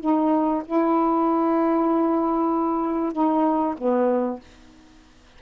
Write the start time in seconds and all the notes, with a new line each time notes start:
0.00 D#4
0.65 E4
3.12 D#4
3.77 B3